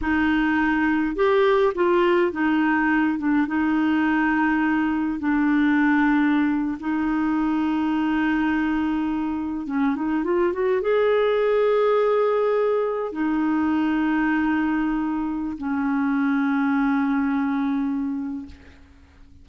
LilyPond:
\new Staff \with { instrumentName = "clarinet" } { \time 4/4 \tempo 4 = 104 dis'2 g'4 f'4 | dis'4. d'8 dis'2~ | dis'4 d'2~ d'8. dis'16~ | dis'1~ |
dis'8. cis'8 dis'8 f'8 fis'8 gis'4~ gis'16~ | gis'2~ gis'8. dis'4~ dis'16~ | dis'2. cis'4~ | cis'1 | }